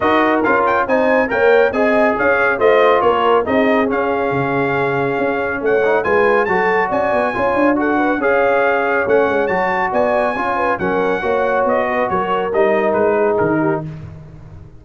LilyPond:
<<
  \new Staff \with { instrumentName = "trumpet" } { \time 4/4 \tempo 4 = 139 dis''4 f''8 g''8 gis''4 g''4 | gis''4 f''4 dis''4 cis''4 | dis''4 f''2.~ | f''4 fis''4 gis''4 a''4 |
gis''2 fis''4 f''4~ | f''4 fis''4 a''4 gis''4~ | gis''4 fis''2 dis''4 | cis''4 dis''4 b'4 ais'4 | }
  \new Staff \with { instrumentName = "horn" } { \time 4/4 ais'2 c''4 cis''4 | dis''4 cis''4 c''4 ais'4 | gis'1~ | gis'4 cis''4 b'4 a'4 |
d''4 cis''4 a'8 b'8 cis''4~ | cis''2. d''4 | cis''8 b'8 ais'4 cis''4. b'8 | ais'2~ ais'8 gis'4 g'8 | }
  \new Staff \with { instrumentName = "trombone" } { \time 4/4 fis'4 f'4 dis'4 ais'4 | gis'2 f'2 | dis'4 cis'2.~ | cis'4. dis'8 f'4 fis'4~ |
fis'4 f'4 fis'4 gis'4~ | gis'4 cis'4 fis'2 | f'4 cis'4 fis'2~ | fis'4 dis'2. | }
  \new Staff \with { instrumentName = "tuba" } { \time 4/4 dis'4 cis'4 c'4 ais4 | c'4 cis'4 a4 ais4 | c'4 cis'4 cis2 | cis'4 a4 gis4 fis4 |
cis'8 b8 cis'8 d'4. cis'4~ | cis'4 a8 gis8 fis4 b4 | cis'4 fis4 ais4 b4 | fis4 g4 gis4 dis4 | }
>>